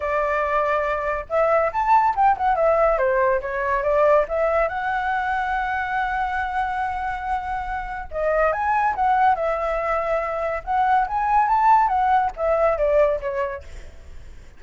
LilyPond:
\new Staff \with { instrumentName = "flute" } { \time 4/4 \tempo 4 = 141 d''2. e''4 | a''4 g''8 fis''8 e''4 c''4 | cis''4 d''4 e''4 fis''4~ | fis''1~ |
fis''2. dis''4 | gis''4 fis''4 e''2~ | e''4 fis''4 gis''4 a''4 | fis''4 e''4 d''4 cis''4 | }